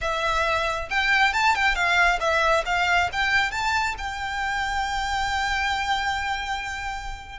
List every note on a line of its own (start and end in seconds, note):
0.01 0.89 E5
0.90 1.33 G5
1.33 1.55 A5
1.55 1.75 G5
1.75 2.19 F5
2.19 2.64 E5
2.65 3.09 F5
3.12 3.51 G5
3.51 3.95 A5
3.98 7.39 G5